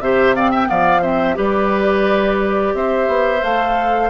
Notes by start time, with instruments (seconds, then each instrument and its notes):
0.00 bassoon C3, clarinet G4, oboe C5, flute E5
0.35 clarinet C4, oboe D5, flute F5
0.51 oboe E5, flute G5
0.67 bassoon F3, clarinet B3, oboe D5, flute F5
1.02 clarinet C4, oboe C5, flute E5
1.35 bassoon G3, clarinet G4, oboe B4, flute D5
2.74 bassoon C4, oboe C5, flute E5
3.08 bassoon B3
3.42 bassoon A3, clarinet A4, flute F5